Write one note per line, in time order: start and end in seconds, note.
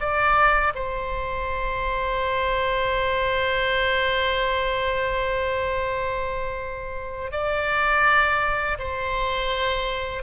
0.00 0.73 D5
0.75 7.31 C5
7.31 8.78 D5
8.79 10.23 C5